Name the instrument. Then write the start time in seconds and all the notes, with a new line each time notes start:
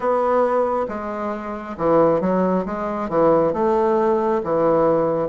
bassoon
0.00 B3
0.88 G#3
1.77 E3
2.20 F#3
2.65 G#3
3.09 E3
3.53 A3
4.43 E3